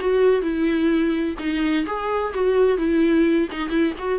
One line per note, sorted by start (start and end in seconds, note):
0.00 0.41 F#4
0.41 1.35 E4
1.38 1.85 D#4
1.86 2.33 G#4
2.33 2.77 F#4
2.77 3.48 E4
3.51 3.69 D#4
3.69 3.93 E4
3.98 4.19 F#4